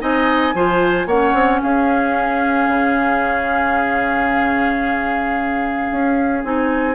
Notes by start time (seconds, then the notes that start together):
0.00 C4 D#4 D#5 G#5
0.54 F3 F4 C5
1.06 A#3 C#4 C#5 F#5
1.33 C4
1.62 C#4 G#4 F5
2.67 C#3
5.91 C#4
6.44 C4 D#4 G#5